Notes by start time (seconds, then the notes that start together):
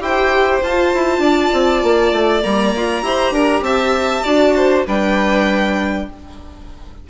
0.00 E4 G4 C5 G5
0.62 F4 A5
0.94 E4
1.19 D4 D5
1.53 C4
1.83 A#3
2.12 A3
2.42 G3 A#3 A#5
2.76 F4
3.03 E4 G4 C5
3.32 D4 A#4
3.61 C4 E5 A5
4.24 D4 F#4 D5
4.56 C5
4.86 G3 D4 B4 G5